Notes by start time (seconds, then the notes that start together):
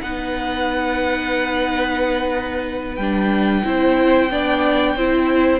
0.00 B3 D#4 B4 F#5
2.95 G3 D4 G5
3.63 C4 E4 C5
4.30 B3 D4 D5
4.95 C4 E4 C5